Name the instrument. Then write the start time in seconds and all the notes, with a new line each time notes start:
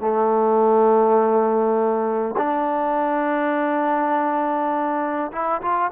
trombone
0.00 A3
2.37 D4
5.32 E4
5.61 F4